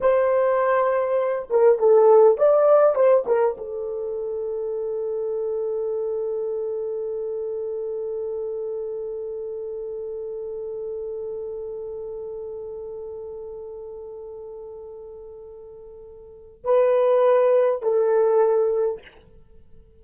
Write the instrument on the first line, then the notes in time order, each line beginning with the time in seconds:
horn
0.00 C5
1.50 A#4
1.78 A4
2.37 D5
2.95 C5
3.26 A#4
3.57 A4
16.64 B4
17.82 A4